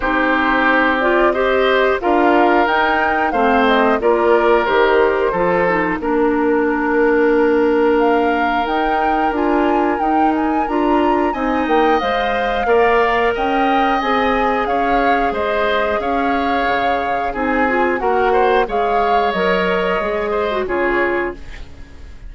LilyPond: <<
  \new Staff \with { instrumentName = "flute" } { \time 4/4 \tempo 4 = 90 c''4. d''8 dis''4 f''4 | g''4 f''8 dis''8 d''4 c''4~ | c''4 ais'2. | f''4 g''4 gis''4 g''8 gis''8 |
ais''4 gis''8 g''8 f''2 | g''4 gis''4 f''4 dis''4 | f''2 gis''4 fis''4 | f''4 dis''2 cis''4 | }
  \new Staff \with { instrumentName = "oboe" } { \time 4/4 g'2 c''4 ais'4~ | ais'4 c''4 ais'2 | a'4 ais'2.~ | ais'1~ |
ais'4 dis''2 d''4 | dis''2 cis''4 c''4 | cis''2 gis'4 ais'8 c''8 | cis''2~ cis''8 c''8 gis'4 | }
  \new Staff \with { instrumentName = "clarinet" } { \time 4/4 dis'4. f'8 g'4 f'4 | dis'4 c'4 f'4 g'4 | f'8 dis'8 d'2.~ | d'4 dis'4 f'4 dis'4 |
f'4 dis'4 c''4 ais'4~ | ais'4 gis'2.~ | gis'2 dis'8 f'8 fis'4 | gis'4 ais'4 gis'8. fis'16 f'4 | }
  \new Staff \with { instrumentName = "bassoon" } { \time 4/4 c'2. d'4 | dis'4 a4 ais4 dis4 | f4 ais2.~ | ais4 dis'4 d'4 dis'4 |
d'4 c'8 ais8 gis4 ais4 | cis'4 c'4 cis'4 gis4 | cis'4 cis4 c'4 ais4 | gis4 fis4 gis4 cis4 | }
>>